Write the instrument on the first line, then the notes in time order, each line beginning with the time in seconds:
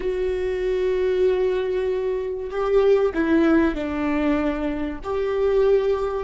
viola
0.00 F#4
2.50 G4
3.13 E4
3.74 D4
5.03 G4